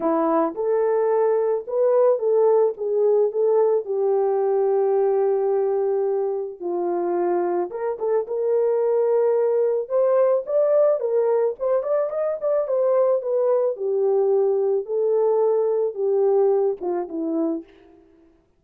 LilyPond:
\new Staff \with { instrumentName = "horn" } { \time 4/4 \tempo 4 = 109 e'4 a'2 b'4 | a'4 gis'4 a'4 g'4~ | g'1 | f'2 ais'8 a'8 ais'4~ |
ais'2 c''4 d''4 | ais'4 c''8 d''8 dis''8 d''8 c''4 | b'4 g'2 a'4~ | a'4 g'4. f'8 e'4 | }